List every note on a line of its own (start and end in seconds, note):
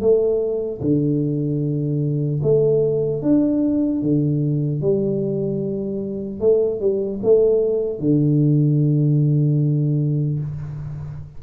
0.00 0.80 A3
0.81 2.41 D3
2.42 3.22 A3
3.22 4.02 D4
4.02 4.81 D3
4.81 6.40 G3
6.40 6.80 A3
6.80 7.20 G3
7.23 7.99 A3
7.99 10.39 D3